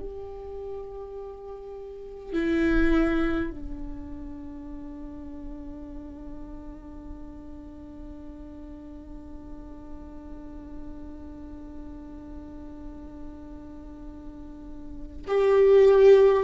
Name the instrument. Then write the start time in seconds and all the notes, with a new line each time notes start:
viola
0.00 G4
2.33 E4
3.51 D4
15.27 G4